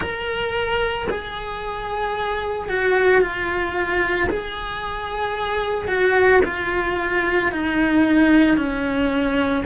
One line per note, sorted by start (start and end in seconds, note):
0.00 1.07 A#4
1.10 2.68 G#4
2.68 3.21 F#4
3.21 4.28 F4
4.29 5.87 G#4
5.87 6.40 F#4
6.44 7.51 F4
7.51 8.57 D#4
8.57 9.64 C#4